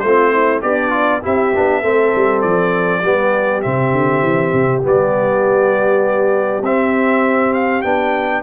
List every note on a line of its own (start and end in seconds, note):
0.00 0.63 A3
0.00 0.32 F4
0.00 0.60 C5
0.07 0.62 C4
0.32 0.62 E4
0.62 1.23 B3
0.62 1.23 D4
0.62 0.90 G4
0.62 1.22 D5
0.90 1.20 F4
1.23 1.56 C4
1.23 1.53 E4
1.23 1.81 G4
1.23 2.42 E5
1.55 1.84 B3
1.55 1.83 D4
1.81 2.14 A3
1.81 3.03 C4
1.81 3.01 A4
2.16 2.44 G3
2.42 3.03 F3
2.42 3.62 D5
3.03 3.63 G3
3.03 3.63 B3
3.03 8.43 G4
3.62 3.93 C3
3.62 4.83 C4
3.62 4.82 E5
3.93 4.23 D3
4.23 4.53 E3
4.53 4.83 C3
4.83 6.62 G3
4.83 6.63 B3
4.83 6.65 D5
6.62 7.82 C4
6.62 7.84 C4
6.62 7.54 E5
7.54 7.82 F5
7.82 8.43 B3
7.82 8.43 D4
7.82 8.42 G5